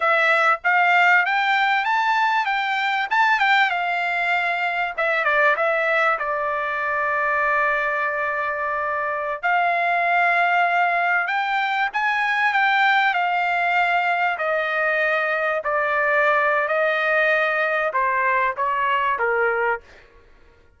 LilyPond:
\new Staff \with { instrumentName = "trumpet" } { \time 4/4 \tempo 4 = 97 e''4 f''4 g''4 a''4 | g''4 a''8 g''8 f''2 | e''8 d''8 e''4 d''2~ | d''2.~ d''16 f''8.~ |
f''2~ f''16 g''4 gis''8.~ | gis''16 g''4 f''2 dis''8.~ | dis''4~ dis''16 d''4.~ d''16 dis''4~ | dis''4 c''4 cis''4 ais'4 | }